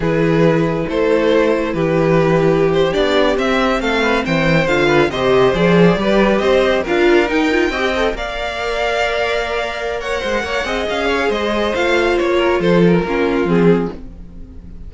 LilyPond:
<<
  \new Staff \with { instrumentName = "violin" } { \time 4/4 \tempo 4 = 138 b'2 c''2 | b'2~ b'16 c''8 d''4 e''16~ | e''8. f''4 g''4 f''4 dis''16~ | dis''8. d''2 dis''4 f''16~ |
f''8. g''2 f''4~ f''16~ | f''2. fis''4~ | fis''4 f''4 dis''4 f''4 | cis''4 c''8 ais'4. gis'4 | }
  \new Staff \with { instrumentName = "violin" } { \time 4/4 gis'2 a'2 | g'1~ | g'8. a'8 b'8 c''4. b'8 c''16~ | c''4.~ c''16 b'4 c''4 ais'16~ |
ais'4.~ ais'16 dis''4 d''4~ d''16~ | d''2. cis''8 c''8 | cis''8 dis''4 cis''8 c''2~ | c''8 ais'8 a'4 f'2 | }
  \new Staff \with { instrumentName = "viola" } { \time 4/4 e'1~ | e'2~ e'8. d'4 c'16~ | c'2~ c'8. f'4 g'16~ | g'8. gis'4 g'2 f'16~ |
f'8. dis'8 f'8 g'8 a'8 ais'4~ ais'16~ | ais'1~ | ais'8 gis'2~ gis'8 f'4~ | f'2 cis'4 c'4 | }
  \new Staff \with { instrumentName = "cello" } { \time 4/4 e2 a2 | e2~ e8. b4 c'16~ | c'8. a4 e4 d4 c16~ | c8. f4 g4 c'4 d'16~ |
d'8. dis'4 c'4 ais4~ ais16~ | ais2.~ ais8 gis8 | ais8 c'8 cis'4 gis4 a4 | ais4 f4 ais4 f4 | }
>>